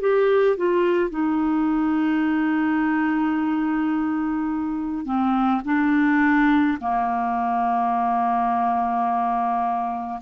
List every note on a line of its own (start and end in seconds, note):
0.00 0.57 G4
0.57 1.10 F4
1.10 5.05 D#4
5.05 5.61 C4
5.65 6.78 D4
6.81 10.20 A#3